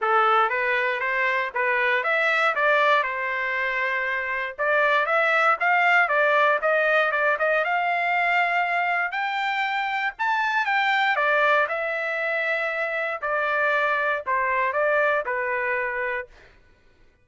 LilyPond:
\new Staff \with { instrumentName = "trumpet" } { \time 4/4 \tempo 4 = 118 a'4 b'4 c''4 b'4 | e''4 d''4 c''2~ | c''4 d''4 e''4 f''4 | d''4 dis''4 d''8 dis''8 f''4~ |
f''2 g''2 | a''4 g''4 d''4 e''4~ | e''2 d''2 | c''4 d''4 b'2 | }